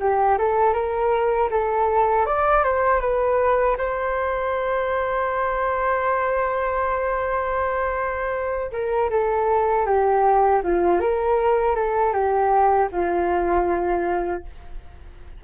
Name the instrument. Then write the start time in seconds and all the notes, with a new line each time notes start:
flute
0.00 G4
0.38 A4
0.74 A#4
1.51 A4
2.26 D5
2.64 C5
3.01 B4
3.78 C5
8.72 A#4
9.10 A4
9.86 G4
10.63 F4
11.01 A#4
11.75 A4
12.13 G4
12.92 F4